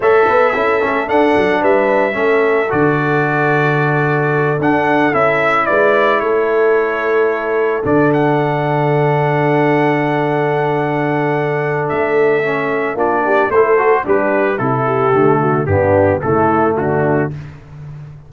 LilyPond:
<<
  \new Staff \with { instrumentName = "trumpet" } { \time 4/4 \tempo 4 = 111 e''2 fis''4 e''4~ | e''4 d''2.~ | d''8 fis''4 e''4 d''4 cis''8~ | cis''2~ cis''8 d''8 fis''4~ |
fis''1~ | fis''2 e''2 | d''4 c''4 b'4 a'4~ | a'4 g'4 a'4 fis'4 | }
  \new Staff \with { instrumentName = "horn" } { \time 4/4 cis''8 b'8 a'2 b'4 | a'1~ | a'2~ a'8 b'4 a'8~ | a'1~ |
a'1~ | a'1 | f'8 g'8 a'4 d'4 e'8 g'8~ | g'8 fis'8 d'4 e'4 d'4 | }
  \new Staff \with { instrumentName = "trombone" } { \time 4/4 a'4 e'8 cis'8 d'2 | cis'4 fis'2.~ | fis'8 d'4 e'2~ e'8~ | e'2~ e'8 d'4.~ |
d'1~ | d'2. cis'4 | d'4 e'8 fis'8 g'4 e'4 | a4 b4 a2 | }
  \new Staff \with { instrumentName = "tuba" } { \time 4/4 a8 b8 cis'8 a8 d'8 fis8 g4 | a4 d2.~ | d8 d'4 cis'4 gis4 a8~ | a2~ a8 d4.~ |
d1~ | d2 a2 | ais4 a4 g4 c4 | d4 g,4 cis4 d4 | }
>>